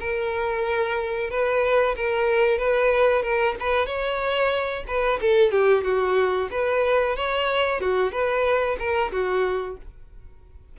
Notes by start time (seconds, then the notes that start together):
0.00 A#4
1.30 B4
1.96 A#4
2.58 B4
3.23 A#4
3.60 B4
3.86 C#5
4.87 B4
5.21 A4
5.52 G4
5.84 F#4
6.51 B4
7.17 C#5
7.81 F#4
8.12 B4
8.79 A#4
9.12 F#4